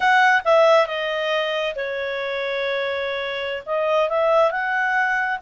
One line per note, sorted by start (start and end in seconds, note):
0.00 0.41 F#5
0.44 0.86 E5
0.86 1.74 D#5
1.75 3.63 C#5
3.66 4.09 D#5
4.09 4.51 E5
4.51 5.39 F#5